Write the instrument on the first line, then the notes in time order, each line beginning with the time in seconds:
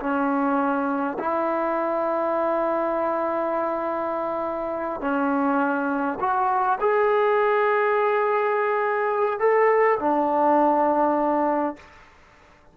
trombone
0.00 C#4
1.19 E4
5.01 C#4
6.20 F#4
6.80 G#4
9.40 A4
10.00 D4